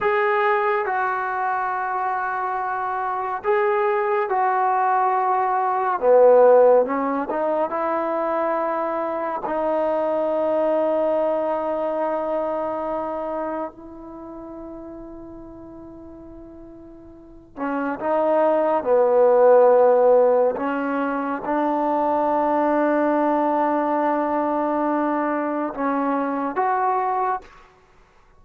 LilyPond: \new Staff \with { instrumentName = "trombone" } { \time 4/4 \tempo 4 = 70 gis'4 fis'2. | gis'4 fis'2 b4 | cis'8 dis'8 e'2 dis'4~ | dis'1 |
e'1~ | e'8 cis'8 dis'4 b2 | cis'4 d'2.~ | d'2 cis'4 fis'4 | }